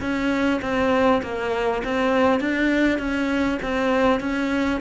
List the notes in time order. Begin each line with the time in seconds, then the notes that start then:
0.00 C#4
0.61 C4
1.22 A#3
1.84 C4
2.40 D4
2.98 C#4
3.62 C4
4.20 C#4